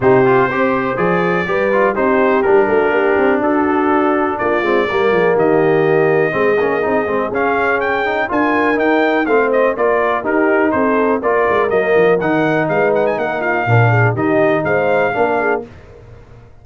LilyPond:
<<
  \new Staff \with { instrumentName = "trumpet" } { \time 4/4 \tempo 4 = 123 c''2 d''2 | c''4 ais'2 a'4~ | a'4 d''2 dis''4~ | dis''2. f''4 |
g''4 gis''4 g''4 f''8 dis''8 | d''4 ais'4 c''4 d''4 | dis''4 fis''4 f''8 fis''16 gis''16 fis''8 f''8~ | f''4 dis''4 f''2 | }
  \new Staff \with { instrumentName = "horn" } { \time 4/4 g'4 c''2 b'4 | g'4. fis'8 g'4 fis'4~ | fis'4 f'4 ais'8 gis'8 g'4~ | g'4 gis'2.~ |
gis'4 ais'2 c''4 | ais'4 g'4 a'4 ais'4~ | ais'2 b'4 ais'8 f'8 | ais'8 gis'8 g'4 c''4 ais'8 gis'8 | }
  \new Staff \with { instrumentName = "trombone" } { \time 4/4 dis'8 f'8 g'4 gis'4 g'8 f'8 | dis'4 d'2.~ | d'4. c'8 ais2~ | ais4 c'8 cis'8 dis'8 c'8 cis'4~ |
cis'8 dis'8 f'4 dis'4 c'4 | f'4 dis'2 f'4 | ais4 dis'2. | d'4 dis'2 d'4 | }
  \new Staff \with { instrumentName = "tuba" } { \time 4/4 c4 c'4 f4 g4 | c'4 g8 a8 ais8 c'8 d'4~ | d'4 ais8 gis8 g8 f8 dis4~ | dis4 gis8 ais8 c'8 gis8 cis'4~ |
cis'4 d'4 dis'4 a4 | ais4 dis'4 c'4 ais8 gis8 | fis8 f8 dis4 gis4 ais4 | ais,4 dis4 gis4 ais4 | }
>>